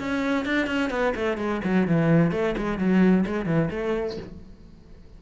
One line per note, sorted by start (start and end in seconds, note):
0.00 0.46 C#4
0.46 0.67 D4
0.67 0.91 C#4
0.91 1.14 B3
1.16 1.38 A3
1.38 1.61 G#3
1.64 1.88 F#3
1.88 2.32 E3
2.32 2.55 A3
2.58 2.79 G#3
2.79 3.26 F#3
3.26 3.46 G#3
3.46 3.69 E3
3.71 4.18 A3